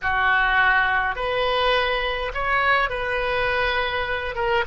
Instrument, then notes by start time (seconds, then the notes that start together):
oboe
0.02 F#4
1.15 B4
2.34 C#5
2.89 B4
4.35 A#4